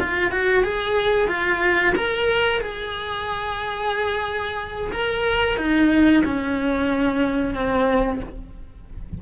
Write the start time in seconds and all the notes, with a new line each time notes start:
0.00 F4
0.31 F#4
0.64 G#4
1.28 F4
1.95 A#4
2.61 G#4
4.92 A#4
5.57 D#4
6.25 C#4
7.54 C4